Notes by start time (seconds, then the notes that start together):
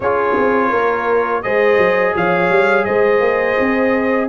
0.00 C#4 F4 G#4 C#5
0.37 C4
0.69 A#3 A#4
1.42 G#3 G#4 C5 D#5
1.77 F#3
2.16 F3 C#5 F5
2.49 G3
2.84 G#3 C5 D#5
3.20 A#3
3.59 C4